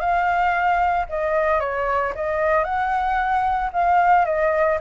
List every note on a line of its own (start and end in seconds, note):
0.00 1.06 F5
1.09 1.60 D#5
1.60 2.13 C#5
2.15 2.64 D#5
2.64 3.70 F#5
3.73 4.25 F5
4.25 4.78 D#5